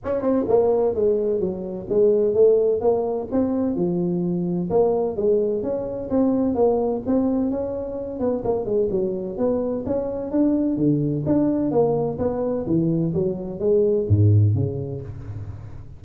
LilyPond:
\new Staff \with { instrumentName = "tuba" } { \time 4/4 \tempo 4 = 128 cis'8 c'8 ais4 gis4 fis4 | gis4 a4 ais4 c'4 | f2 ais4 gis4 | cis'4 c'4 ais4 c'4 |
cis'4. b8 ais8 gis8 fis4 | b4 cis'4 d'4 d4 | d'4 ais4 b4 e4 | fis4 gis4 gis,4 cis4 | }